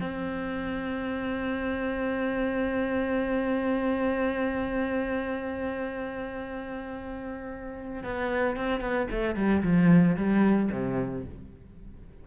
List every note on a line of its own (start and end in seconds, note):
0.00 8.03 C4
8.03 8.56 B3
8.56 8.80 C4
8.80 9.07 B3
9.10 9.35 A3
9.35 9.62 G3
9.63 10.16 F3
10.16 10.70 G3
10.71 11.25 C3